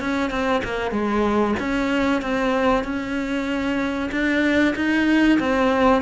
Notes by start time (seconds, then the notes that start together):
0.00 C#4
0.30 C4
0.64 A#3
0.91 G#3
1.59 C#4
2.21 C4
2.84 C#4
4.11 D4
4.75 D#4
5.39 C4